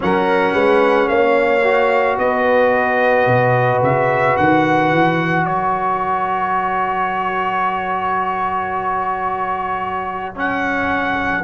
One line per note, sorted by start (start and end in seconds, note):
0.00 0.53 F#3
0.00 1.60 C#4
0.00 0.53 A#4
0.00 1.08 F#5
0.53 1.08 G#3
0.53 1.08 B4
1.08 2.17 A#3
1.08 2.18 C#5
1.08 2.17 F5
1.63 10.34 F#4
2.18 3.26 B3
2.18 5.45 B4
2.18 3.82 D#5
3.26 3.80 B2
3.82 4.37 C#3
3.82 4.36 E5
4.36 4.91 D#3
4.36 5.45 F#5
4.91 5.45 E3
5.45 11.44 F#3
5.45 11.44 A#4
5.45 10.36 C#5
10.34 11.43 C#4
10.34 11.44 F#5